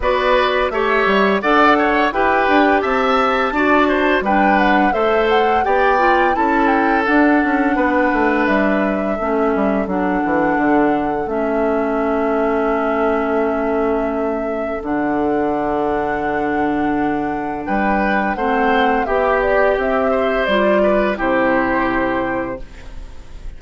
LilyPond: <<
  \new Staff \with { instrumentName = "flute" } { \time 4/4 \tempo 4 = 85 d''4 e''4 fis''4 g''4 | a''2 g''8 fis''8 e''8 fis''8 | g''4 a''8 g''8 fis''2 | e''2 fis''2 |
e''1~ | e''4 fis''2.~ | fis''4 g''4 fis''4 e''8 d''8 | e''4 d''4 c''2 | }
  \new Staff \with { instrumentName = "oboe" } { \time 4/4 b'4 cis''4 d''8 cis''8 b'4 | e''4 d''8 c''8 b'4 c''4 | d''4 a'2 b'4~ | b'4 a'2.~ |
a'1~ | a'1~ | a'4 b'4 c''4 g'4~ | g'8 c''4 b'8 g'2 | }
  \new Staff \with { instrumentName = "clarinet" } { \time 4/4 fis'4 g'4 a'4 g'4~ | g'4 fis'4 d'4 a'4 | g'8 f'8 e'4 d'2~ | d'4 cis'4 d'2 |
cis'1~ | cis'4 d'2.~ | d'2 c'4 g'4~ | g'4 f'4 e'2 | }
  \new Staff \with { instrumentName = "bassoon" } { \time 4/4 b4 a8 g8 d'4 e'8 d'8 | c'4 d'4 g4 a4 | b4 cis'4 d'8 cis'8 b8 a8 | g4 a8 g8 fis8 e8 d4 |
a1~ | a4 d2.~ | d4 g4 a4 b4 | c'4 g4 c2 | }
>>